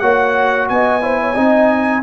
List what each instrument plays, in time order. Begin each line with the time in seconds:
0.00 tuba A#3, trombone F#4, horn C#5, trumpet F#5
0.69 tuba B3, horn D#5, trumpet G#5
1.02 trombone E4, horn C5
1.21 horn C#5
1.35 tuba C4, trombone D#4, horn D#5